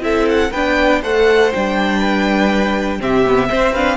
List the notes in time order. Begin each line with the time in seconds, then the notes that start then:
0.00 C4 E4 A4 E5
0.29 F#5
0.51 B3 D4 B4 G5
1.01 A3 A4 C5 F#5
1.52 G3 D4 G5
1.99 B4
2.99 C3 C4 G4 E5
3.26 B3
3.49 C4 C5
3.72 D4 B4 F5